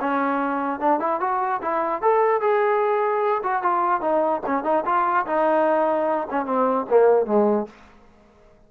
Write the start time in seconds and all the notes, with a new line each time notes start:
0.00 C#4
0.80 D4
1.00 E4
1.20 F#4
1.62 E4
2.02 A4
2.41 G#4
3.43 F#4
3.62 F4
4.01 D#4
4.46 C#4
4.64 D#4
4.85 F4
5.26 D#4
6.30 C#4
6.45 C4
6.90 A#3
7.26 G#3